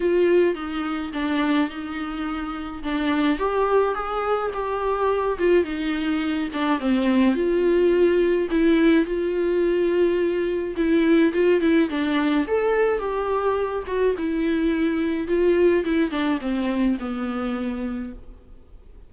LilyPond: \new Staff \with { instrumentName = "viola" } { \time 4/4 \tempo 4 = 106 f'4 dis'4 d'4 dis'4~ | dis'4 d'4 g'4 gis'4 | g'4. f'8 dis'4. d'8 | c'4 f'2 e'4 |
f'2. e'4 | f'8 e'8 d'4 a'4 g'4~ | g'8 fis'8 e'2 f'4 | e'8 d'8 c'4 b2 | }